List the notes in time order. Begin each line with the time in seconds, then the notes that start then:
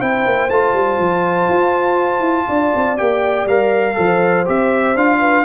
0.00 C4 E4 C5 G5
0.26 A#3
0.50 A3 F4 A5
0.74 G3
0.99 F3
1.49 F4
2.20 E4
2.48 D4 D5
2.76 C4
2.98 A#3 G4 G5
3.46 G3 A#4 F5
3.95 F3 A4 C5
4.46 C4 G4 E5
4.96 D4 F4 F5
5.20 B4